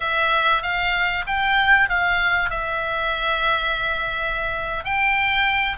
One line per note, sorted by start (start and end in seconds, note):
0.00 0.62 E5
0.62 1.24 F5
1.26 1.89 G5
1.89 2.49 F5
2.49 4.84 E5
4.84 5.77 G5